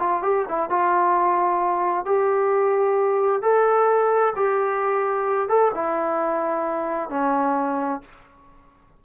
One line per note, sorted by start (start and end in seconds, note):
0.00 0.23 F4
0.23 0.46 G4
0.49 0.70 E4
0.70 2.06 F4
2.06 3.42 G4
3.42 4.34 A4
4.36 5.49 G4
5.49 5.72 A4
5.75 7.10 E4
7.10 8.02 C#4